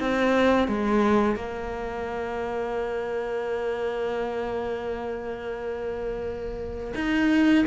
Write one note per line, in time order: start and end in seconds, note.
0.00 0.68 C4
0.68 1.36 G#3
1.36 6.94 A#3
6.95 7.65 D#4